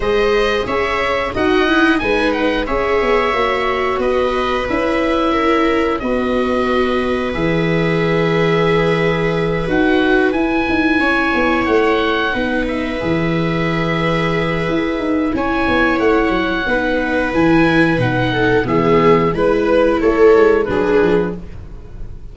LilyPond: <<
  \new Staff \with { instrumentName = "oboe" } { \time 4/4 \tempo 4 = 90 dis''4 e''4 fis''4 gis''8 fis''8 | e''2 dis''4 e''4~ | e''4 dis''2 e''4~ | e''2~ e''8 fis''4 gis''8~ |
gis''4. fis''4. e''4~ | e''2. gis''4 | fis''2 gis''4 fis''4 | e''4 b'4 cis''4 b'4 | }
  \new Staff \with { instrumentName = "viola" } { \time 4/4 c''4 cis''4 dis''4 b'4 | cis''2 b'2 | ais'4 b'2.~ | b'1~ |
b'8 cis''2 b'4.~ | b'2. cis''4~ | cis''4 b'2~ b'8 a'8 | gis'4 b'4 a'4 gis'4 | }
  \new Staff \with { instrumentName = "viola" } { \time 4/4 gis'2 fis'8 e'8 dis'4 | gis'4 fis'2 e'4~ | e'4 fis'2 gis'4~ | gis'2~ gis'8 fis'4 e'8~ |
e'2~ e'8 dis'4 gis'8~ | gis'2. e'4~ | e'4 dis'4 e'4 dis'4 | b4 e'2 d'4 | }
  \new Staff \with { instrumentName = "tuba" } { \time 4/4 gis4 cis'4 dis'4 gis4 | cis'8 b8 ais4 b4 cis'4~ | cis'4 b2 e4~ | e2~ e8 dis'4 e'8 |
dis'8 cis'8 b8 a4 b4 e8~ | e2 e'8 dis'8 cis'8 b8 | a8 fis8 b4 e4 b,4 | e4 gis4 a8 gis8 fis8 f8 | }
>>